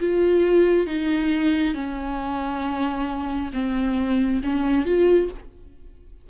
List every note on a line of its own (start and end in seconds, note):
0.00 0.87 F4
0.87 1.74 D#4
1.74 3.51 C#4
3.53 4.41 C4
4.44 4.85 C#4
4.85 5.29 F4